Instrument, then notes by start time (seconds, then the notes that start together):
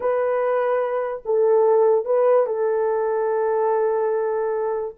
horn
0.00 B4
1.25 A4
2.05 B4
2.46 A4